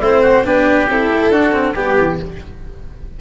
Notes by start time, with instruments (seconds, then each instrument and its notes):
0.00 tuba A3, cello C4, oboe E4, violin C5
0.22 oboe F#4
0.44 tuba B3, cello D4, oboe G4, violin B4
0.88 tuba C4, cello E4, violin A4
1.09 tuba A3
1.30 tuba D4, cello D4, oboe F#4
1.52 cello C4
1.74 tuba G3, cello B3, oboe G4, violin G4
1.98 tuba E3